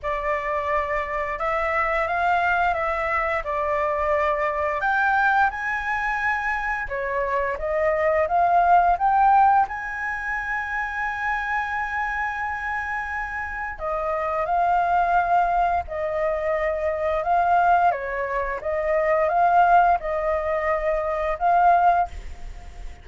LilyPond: \new Staff \with { instrumentName = "flute" } { \time 4/4 \tempo 4 = 87 d''2 e''4 f''4 | e''4 d''2 g''4 | gis''2 cis''4 dis''4 | f''4 g''4 gis''2~ |
gis''1 | dis''4 f''2 dis''4~ | dis''4 f''4 cis''4 dis''4 | f''4 dis''2 f''4 | }